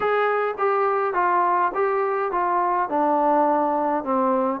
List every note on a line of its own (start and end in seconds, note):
0.00 0.55 G#4
0.58 1.13 G4
1.13 1.71 F4
1.74 2.31 G4
2.31 2.89 F4
2.89 4.04 D4
4.04 4.60 C4